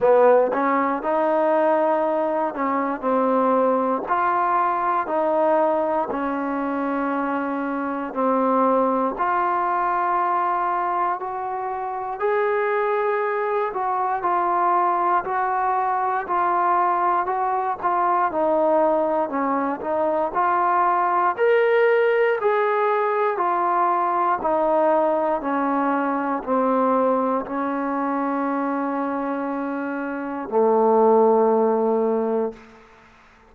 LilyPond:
\new Staff \with { instrumentName = "trombone" } { \time 4/4 \tempo 4 = 59 b8 cis'8 dis'4. cis'8 c'4 | f'4 dis'4 cis'2 | c'4 f'2 fis'4 | gis'4. fis'8 f'4 fis'4 |
f'4 fis'8 f'8 dis'4 cis'8 dis'8 | f'4 ais'4 gis'4 f'4 | dis'4 cis'4 c'4 cis'4~ | cis'2 a2 | }